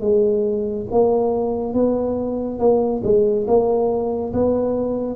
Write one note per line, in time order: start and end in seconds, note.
0.00 0.86 G#3
0.91 1.73 A#3
1.73 2.59 B3
2.59 3.02 A#3
3.03 3.46 G#3
3.47 4.33 A#3
4.33 5.16 B3